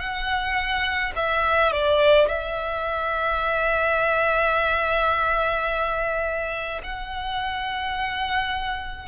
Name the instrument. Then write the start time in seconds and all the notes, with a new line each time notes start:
violin
0.00 F#5
1.16 E5
1.73 D5
2.29 E5
6.84 F#5